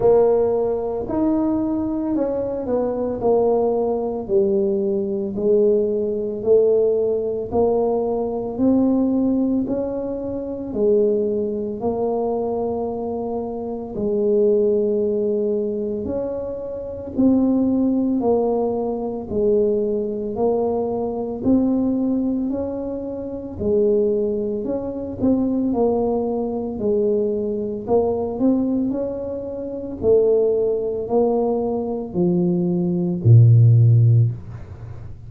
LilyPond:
\new Staff \with { instrumentName = "tuba" } { \time 4/4 \tempo 4 = 56 ais4 dis'4 cis'8 b8 ais4 | g4 gis4 a4 ais4 | c'4 cis'4 gis4 ais4~ | ais4 gis2 cis'4 |
c'4 ais4 gis4 ais4 | c'4 cis'4 gis4 cis'8 c'8 | ais4 gis4 ais8 c'8 cis'4 | a4 ais4 f4 ais,4 | }